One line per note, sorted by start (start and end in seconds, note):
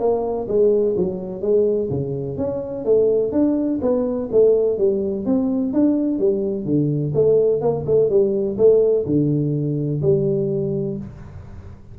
0.00 0.48 A#3
0.48 0.96 G#3
0.97 1.42 F#3
1.42 1.90 G#3
1.90 2.38 C#3
2.38 2.85 C#4
2.85 3.32 A3
3.32 3.80 D4
3.82 4.30 B3
4.32 4.78 A3
4.78 5.26 G3
5.26 5.74 C4
5.74 6.19 D4
6.19 6.66 G3
6.66 7.13 D3
7.15 7.62 A3
7.62 7.85 A#3
7.87 8.10 A3
8.10 8.58 G3
8.58 9.06 A3
9.06 10.02 D3
10.03 10.98 G3